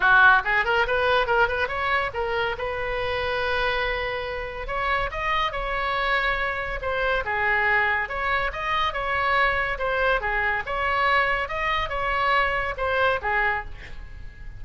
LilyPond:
\new Staff \with { instrumentName = "oboe" } { \time 4/4 \tempo 4 = 141 fis'4 gis'8 ais'8 b'4 ais'8 b'8 | cis''4 ais'4 b'2~ | b'2. cis''4 | dis''4 cis''2. |
c''4 gis'2 cis''4 | dis''4 cis''2 c''4 | gis'4 cis''2 dis''4 | cis''2 c''4 gis'4 | }